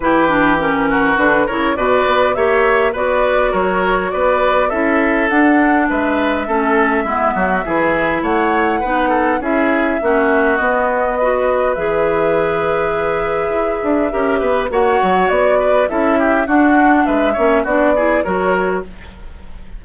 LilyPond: <<
  \new Staff \with { instrumentName = "flute" } { \time 4/4 \tempo 4 = 102 b'4 ais'4 b'8 cis''8 d''4 | e''4 d''4 cis''4 d''4 | e''4 fis''4 e''2~ | e''2 fis''2 |
e''2 dis''2 | e''1~ | e''4 fis''4 d''4 e''4 | fis''4 e''4 d''4 cis''4 | }
  \new Staff \with { instrumentName = "oboe" } { \time 4/4 g'4. fis'4 ais'8 b'4 | cis''4 b'4 ais'4 b'4 | a'2 b'4 a'4 | e'8 fis'8 gis'4 cis''4 b'8 a'8 |
gis'4 fis'2 b'4~ | b'1 | ais'8 b'8 cis''4. b'8 a'8 g'8 | fis'4 b'8 cis''8 fis'8 gis'8 ais'4 | }
  \new Staff \with { instrumentName = "clarinet" } { \time 4/4 e'8 d'8 cis'4 d'8 e'8 fis'4 | g'4 fis'2. | e'4 d'2 cis'4 | b4 e'2 dis'4 |
e'4 cis'4 b4 fis'4 | gis'1 | g'4 fis'2 e'4 | d'4. cis'8 d'8 e'8 fis'4 | }
  \new Staff \with { instrumentName = "bassoon" } { \time 4/4 e2 d8 cis8 b,8 b8 | ais4 b4 fis4 b4 | cis'4 d'4 gis4 a4 | gis8 fis8 e4 a4 b4 |
cis'4 ais4 b2 | e2. e'8 d'8 | cis'8 b8 ais8 fis8 b4 cis'4 | d'4 gis8 ais8 b4 fis4 | }
>>